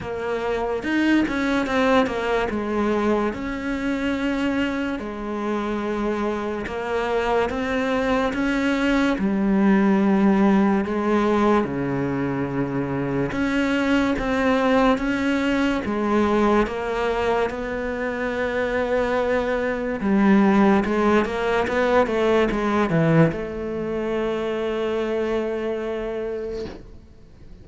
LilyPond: \new Staff \with { instrumentName = "cello" } { \time 4/4 \tempo 4 = 72 ais4 dis'8 cis'8 c'8 ais8 gis4 | cis'2 gis2 | ais4 c'4 cis'4 g4~ | g4 gis4 cis2 |
cis'4 c'4 cis'4 gis4 | ais4 b2. | g4 gis8 ais8 b8 a8 gis8 e8 | a1 | }